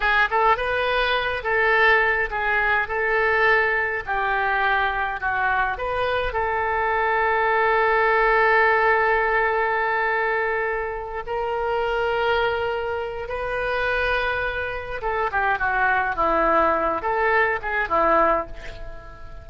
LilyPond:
\new Staff \with { instrumentName = "oboe" } { \time 4/4 \tempo 4 = 104 gis'8 a'8 b'4. a'4. | gis'4 a'2 g'4~ | g'4 fis'4 b'4 a'4~ | a'1~ |
a'2.~ a'8 ais'8~ | ais'2. b'4~ | b'2 a'8 g'8 fis'4 | e'4. a'4 gis'8 e'4 | }